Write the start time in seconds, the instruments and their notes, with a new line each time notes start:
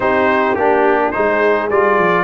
0.00 tuba C4, trombone D#4, horn G4, trumpet C5
0.55 tuba A#3, trombone D4, trumpet G4
1.11 tuba G#3, trombone D#4, horn G#4, trumpet C5
1.70 tuba G3, trombone F4, trumpet D5
1.98 tuba F3